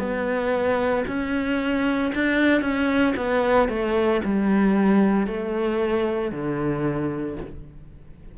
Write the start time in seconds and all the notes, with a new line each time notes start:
0.00 B3
1.08 C#4
2.15 D4
2.62 C#4
3.17 B3
3.69 A3
4.25 G3
5.27 A3
6.32 D3